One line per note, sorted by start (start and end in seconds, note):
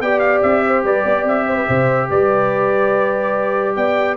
0.00 0.42 B3
0.00 4.17 G4
0.00 0.65 D5
0.00 0.19 G5
0.19 0.40 F5
0.42 0.84 C4
0.42 0.84 E5
0.67 0.85 C5
0.84 1.05 G3
0.84 1.04 B4
0.84 1.27 D5
1.04 1.24 B3
1.04 1.46 D5
1.24 1.65 C4
1.24 2.10 E5
1.47 1.56 C5
1.56 1.67 B4
1.67 2.10 C3
1.67 2.09 C5
2.10 3.76 G3
2.10 3.77 B4
2.10 3.76 D5
3.76 4.17 B3
3.76 4.17 D5
3.76 4.17 G5